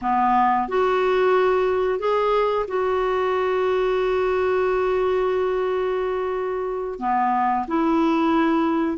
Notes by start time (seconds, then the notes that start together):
0.01 B3
0.68 F#4
1.99 G#4
2.67 F#4
6.99 B3
7.67 E4